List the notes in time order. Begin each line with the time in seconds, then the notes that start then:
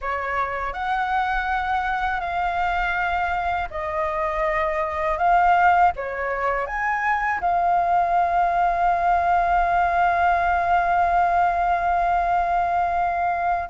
0.01 C#5
0.73 F#5
2.20 F5
3.70 D#5
5.18 F5
5.96 C#5
6.66 G#5
7.41 F5